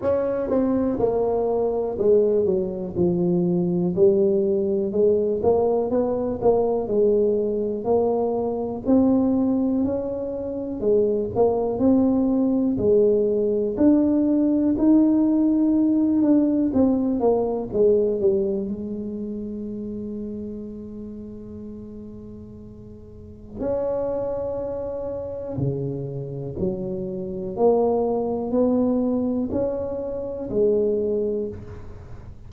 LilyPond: \new Staff \with { instrumentName = "tuba" } { \time 4/4 \tempo 4 = 61 cis'8 c'8 ais4 gis8 fis8 f4 | g4 gis8 ais8 b8 ais8 gis4 | ais4 c'4 cis'4 gis8 ais8 | c'4 gis4 d'4 dis'4~ |
dis'8 d'8 c'8 ais8 gis8 g8 gis4~ | gis1 | cis'2 cis4 fis4 | ais4 b4 cis'4 gis4 | }